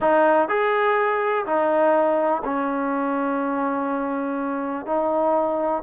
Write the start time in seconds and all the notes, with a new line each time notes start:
0.00 D#4
0.48 G#4
1.45 D#4
2.44 C#4
4.86 D#4